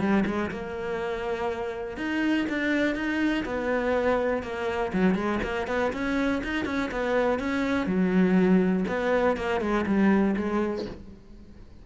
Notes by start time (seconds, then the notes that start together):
0.00 G3
0.26 G#3
0.51 A#3
1.98 D#4
2.49 D4
2.96 D#4
3.46 B3
4.43 A#3
4.93 F#3
5.15 G#3
5.44 A#3
5.68 B3
5.93 C#4
6.44 D#4
6.66 C#4
6.91 B3
7.40 C#4
7.87 F#3
8.88 B3
9.37 A#3
9.61 G#3
9.86 G3
10.37 G#3